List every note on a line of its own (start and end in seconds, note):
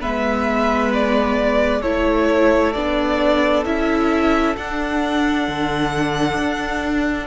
0.00 1.85 G#3
0.00 1.82 B3
0.00 1.81 B4
0.00 0.93 E5
0.94 1.82 D5
1.81 2.76 A3
1.81 2.74 E4
1.81 7.27 A4
1.81 2.73 C#5
2.73 3.65 B3
2.73 3.65 D4
2.73 3.63 D5
3.65 4.56 C#4
3.65 4.56 E4
3.65 4.56 E5
4.56 7.27 D4
4.56 5.48 D4
4.56 7.27 F#5
5.48 6.38 D3
6.38 7.27 D4